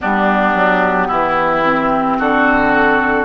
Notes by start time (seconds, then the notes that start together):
0.00 G3 B3 D4 G4
0.54 F#3
1.07 E3 E4
1.64 C4
2.19 D3 F#4 A4